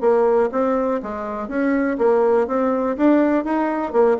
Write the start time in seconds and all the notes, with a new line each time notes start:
0.00 A#3
0.51 C4
1.02 G#3
1.48 C#4
1.98 A#3
2.47 C4
2.97 D4
3.44 D#4
3.92 A#3